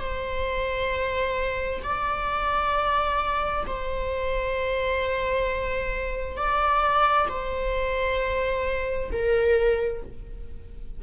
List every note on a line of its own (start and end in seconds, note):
0.00 1.82 C5
1.83 3.65 D5
3.67 6.37 C5
6.37 7.28 D5
7.29 9.10 C5
9.12 10.02 A#4